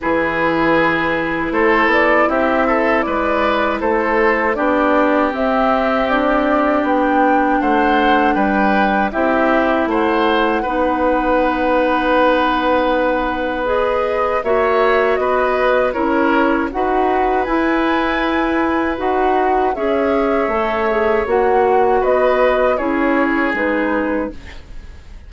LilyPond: <<
  \new Staff \with { instrumentName = "flute" } { \time 4/4 \tempo 4 = 79 b'2 c''8 d''8 e''4 | d''4 c''4 d''4 e''4 | d''4 g''4 fis''4 g''4 | e''4 fis''2.~ |
fis''2 dis''4 e''4 | dis''4 cis''4 fis''4 gis''4~ | gis''4 fis''4 e''2 | fis''4 dis''4 cis''4 b'4 | }
  \new Staff \with { instrumentName = "oboe" } { \time 4/4 gis'2 a'4 g'8 a'8 | b'4 a'4 g'2~ | g'2 c''4 b'4 | g'4 c''4 b'2~ |
b'2. cis''4 | b'4 ais'4 b'2~ | b'2 cis''2~ | cis''4 b'4 gis'2 | }
  \new Staff \with { instrumentName = "clarinet" } { \time 4/4 e'1~ | e'2 d'4 c'4 | d'1 | e'2 dis'2~ |
dis'2 gis'4 fis'4~ | fis'4 e'4 fis'4 e'4~ | e'4 fis'4 gis'4 a'8 gis'8 | fis'2 e'4 dis'4 | }
  \new Staff \with { instrumentName = "bassoon" } { \time 4/4 e2 a8 b8 c'4 | gis4 a4 b4 c'4~ | c'4 b4 a4 g4 | c'4 a4 b2~ |
b2. ais4 | b4 cis'4 dis'4 e'4~ | e'4 dis'4 cis'4 a4 | ais4 b4 cis'4 gis4 | }
>>